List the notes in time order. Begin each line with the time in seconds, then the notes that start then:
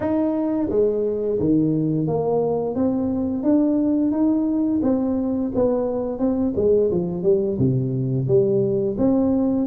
0.00 D#4
0.69 G#3
1.39 D#3
2.07 A#3
2.75 C4
3.43 D4
4.11 D#4
4.82 C4
5.55 B3
6.18 C4
6.55 G#3
6.90 F3
7.23 G3
7.58 C3
8.27 G3
8.97 C4